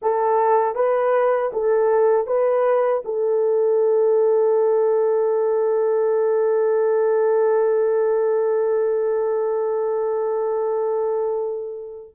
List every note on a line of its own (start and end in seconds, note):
0.01 0.75 A4
0.75 1.51 B4
1.53 2.26 A4
2.26 3.02 B4
3.04 12.14 A4